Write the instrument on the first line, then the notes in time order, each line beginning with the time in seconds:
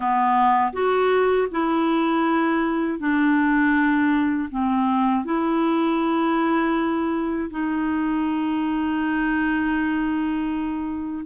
clarinet
0.00 B3
0.73 F#4
1.51 E4
2.99 D4
4.50 C4
5.25 E4
7.50 D#4